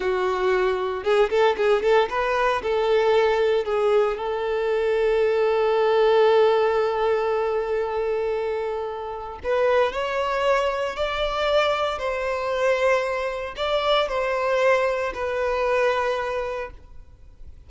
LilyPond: \new Staff \with { instrumentName = "violin" } { \time 4/4 \tempo 4 = 115 fis'2 gis'8 a'8 gis'8 a'8 | b'4 a'2 gis'4 | a'1~ | a'1~ |
a'2 b'4 cis''4~ | cis''4 d''2 c''4~ | c''2 d''4 c''4~ | c''4 b'2. | }